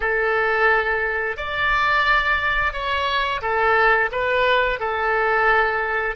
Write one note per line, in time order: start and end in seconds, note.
0.00 1.36 A4
1.36 2.72 D5
2.72 3.41 C#5
3.41 4.09 A4
4.11 4.79 B4
4.79 6.15 A4